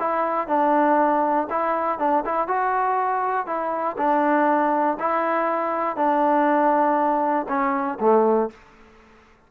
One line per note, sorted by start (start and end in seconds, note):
0.00 0.48 E4
0.48 1.48 D4
1.50 1.99 E4
1.99 2.24 D4
2.25 2.48 E4
2.48 3.47 F#4
3.47 3.97 E4
3.98 4.98 D4
5.00 5.97 E4
5.97 7.47 D4
7.49 7.99 C#4
8.00 8.50 A3